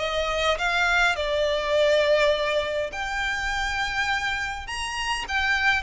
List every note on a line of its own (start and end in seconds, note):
0.00 0.58 D#5
0.59 1.16 F5
1.16 2.91 D5
2.93 4.67 G5
4.67 5.26 A#5
5.29 5.83 G5